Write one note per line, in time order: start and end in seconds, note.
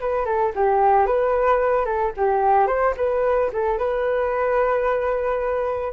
0.00 0.25 B4
0.25 0.52 A4
0.55 1.06 G4
1.06 1.85 B4
1.85 2.12 A4
2.17 2.67 G4
2.67 2.94 C5
2.96 3.50 B4
3.53 3.78 A4
3.78 5.92 B4